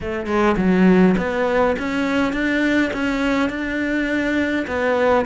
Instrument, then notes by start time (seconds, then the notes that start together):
cello
0.01 A3
0.26 G#3
0.57 F#3
1.17 B3
1.78 C#4
2.32 D4
2.93 C#4
3.49 D4
4.67 B3